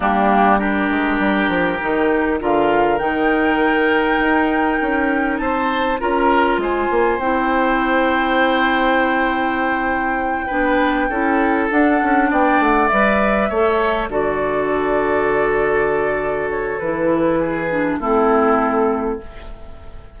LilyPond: <<
  \new Staff \with { instrumentName = "flute" } { \time 4/4 \tempo 4 = 100 g'4 ais'2. | f''4 g''2.~ | g''4 a''4 ais''4 gis''4 | g''1~ |
g''2.~ g''8 fis''8~ | fis''8 g''8 fis''8 e''2 d''8~ | d''2.~ d''8 cis''8 | b'2 a'2 | }
  \new Staff \with { instrumentName = "oboe" } { \time 4/4 d'4 g'2. | ais'1~ | ais'4 c''4 ais'4 c''4~ | c''1~ |
c''4. b'4 a'4.~ | a'8 d''2 cis''4 a'8~ | a'1~ | a'4 gis'4 e'2 | }
  \new Staff \with { instrumentName = "clarinet" } { \time 4/4 ais4 d'2 dis'4 | f'4 dis'2.~ | dis'2 f'2 | e'1~ |
e'4. d'4 e'4 d'8~ | d'4. b'4 a'4 fis'8~ | fis'1 | e'4. d'8 c'2 | }
  \new Staff \with { instrumentName = "bassoon" } { \time 4/4 g4. gis8 g8 f8 dis4 | d4 dis2 dis'4 | cis'4 c'4 cis'4 gis8 ais8 | c'1~ |
c'4. b4 cis'4 d'8 | cis'8 b8 a8 g4 a4 d8~ | d1 | e2 a2 | }
>>